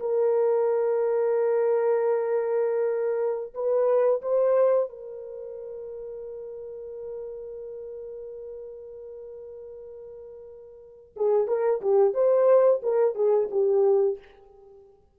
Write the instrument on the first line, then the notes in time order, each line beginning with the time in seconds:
horn
0.00 A#4
3.54 B4
4.22 C5
4.90 A#4
11.16 G#4
11.48 A#4
11.82 G4
12.14 C5
12.83 A#4
13.16 G#4
13.51 G4